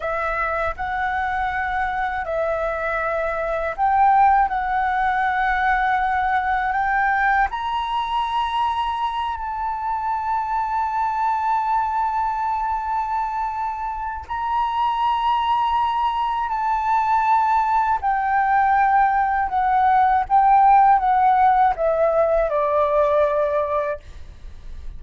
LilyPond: \new Staff \with { instrumentName = "flute" } { \time 4/4 \tempo 4 = 80 e''4 fis''2 e''4~ | e''4 g''4 fis''2~ | fis''4 g''4 ais''2~ | ais''8 a''2.~ a''8~ |
a''2. ais''4~ | ais''2 a''2 | g''2 fis''4 g''4 | fis''4 e''4 d''2 | }